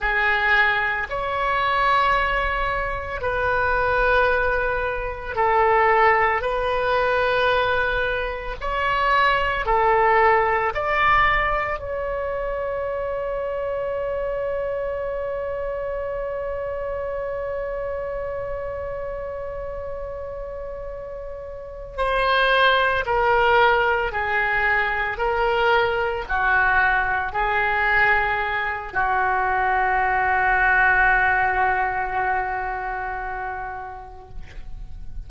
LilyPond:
\new Staff \with { instrumentName = "oboe" } { \time 4/4 \tempo 4 = 56 gis'4 cis''2 b'4~ | b'4 a'4 b'2 | cis''4 a'4 d''4 cis''4~ | cis''1~ |
cis''1~ | cis''8 c''4 ais'4 gis'4 ais'8~ | ais'8 fis'4 gis'4. fis'4~ | fis'1 | }